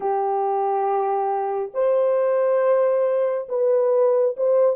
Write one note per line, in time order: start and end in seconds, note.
0.00 1.72 G4
1.74 3.47 C5
3.48 4.35 B4
4.36 4.76 C5